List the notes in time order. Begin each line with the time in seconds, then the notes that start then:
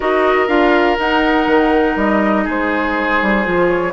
0.00 D#4 F#4 A#4 D#5
0.47 D4 F4 F5
0.98 D#4 F#5
1.47 D#3
1.96 G3 D#5
2.44 G#3 G#4
2.50 C5
3.21 G3
3.44 F3 F4
3.67 C#5